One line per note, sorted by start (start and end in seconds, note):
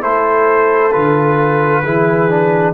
0.00 0.95 A3
0.00 0.91 E4
0.00 1.83 A4
0.00 0.92 C5
0.92 1.84 D3
0.92 1.83 F4
0.92 2.74 B4
1.83 2.74 E3
1.83 2.29 E4
1.83 2.74 G#4
2.29 2.74 D4